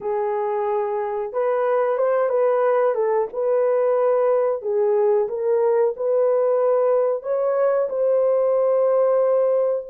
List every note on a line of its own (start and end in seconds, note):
0.00 1.32 G#4
1.32 1.98 B4
1.98 2.29 C5
2.29 2.94 B4
2.94 3.27 A4
3.32 4.62 B4
4.62 5.27 G#4
5.28 5.94 A#4
5.96 7.22 B4
7.22 7.88 C#5
7.89 9.87 C5